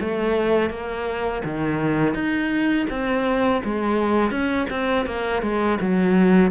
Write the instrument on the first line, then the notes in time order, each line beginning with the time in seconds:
cello
0.00 A3
0.70 A#3
1.44 D#3
2.14 D#4
2.89 C4
3.64 G#3
4.30 C#4
4.70 C4
5.06 A#3
5.42 G#3
5.81 F#3